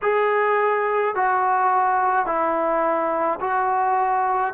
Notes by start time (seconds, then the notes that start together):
0.02 G#4
1.15 F#4
2.25 E4
3.40 F#4